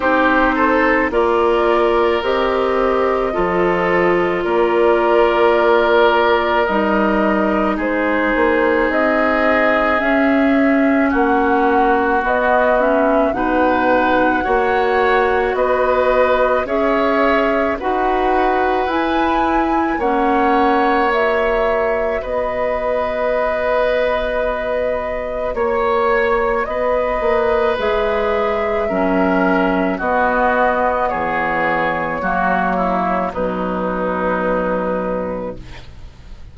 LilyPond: <<
  \new Staff \with { instrumentName = "flute" } { \time 4/4 \tempo 4 = 54 c''4 d''4 dis''2 | d''2 dis''4 c''4 | dis''4 e''4 fis''4 dis''8 e''8 | fis''2 dis''4 e''4 |
fis''4 gis''4 fis''4 e''4 | dis''2. cis''4 | dis''4 e''2 dis''4 | cis''2 b'2 | }
  \new Staff \with { instrumentName = "oboe" } { \time 4/4 g'8 a'8 ais'2 a'4 | ais'2. gis'4~ | gis'2 fis'2 | b'4 cis''4 b'4 cis''4 |
b'2 cis''2 | b'2. cis''4 | b'2 ais'4 fis'4 | gis'4 fis'8 e'8 dis'2 | }
  \new Staff \with { instrumentName = "clarinet" } { \time 4/4 dis'4 f'4 g'4 f'4~ | f'2 dis'2~ | dis'4 cis'2 b8 cis'8 | dis'4 fis'2 gis'4 |
fis'4 e'4 cis'4 fis'4~ | fis'1~ | fis'4 gis'4 cis'4 b4~ | b4 ais4 fis2 | }
  \new Staff \with { instrumentName = "bassoon" } { \time 4/4 c'4 ais4 c'4 f4 | ais2 g4 gis8 ais8 | c'4 cis'4 ais4 b4 | b,4 ais4 b4 cis'4 |
dis'4 e'4 ais2 | b2. ais4 | b8 ais8 gis4 fis4 b4 | e4 fis4 b,2 | }
>>